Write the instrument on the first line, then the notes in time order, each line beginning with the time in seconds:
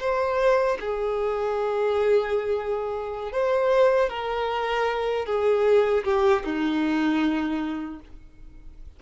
violin
0.00 C5
0.80 G#4
3.33 C5
4.09 A#4
5.26 G#4
6.04 G4
6.44 D#4